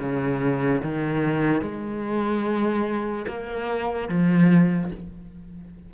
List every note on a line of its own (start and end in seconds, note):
0.00 0.82 C#3
0.83 1.62 D#3
1.62 3.26 G#3
3.27 4.09 A#3
4.09 4.91 F3